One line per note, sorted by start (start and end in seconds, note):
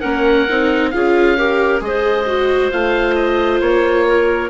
0.00 0.48 A#3
0.00 0.46 C#4
0.00 0.90 A#4
0.00 0.90 F#5
0.48 0.93 C4
0.48 0.93 D#4
0.90 1.80 C#4
0.90 1.37 F4
0.90 1.37 G#4
0.90 1.80 F5
1.37 1.80 G4
1.37 1.82 A#4
1.80 2.70 G#3
1.80 2.25 G#4
1.80 2.71 D#5
1.86 4.07 C5
2.26 2.71 F#4
2.71 3.60 A3
2.71 4.49 F4
2.71 3.14 F5
3.14 3.59 D#5
3.60 4.49 A#3
3.60 4.49 C#5
4.07 4.49 A#4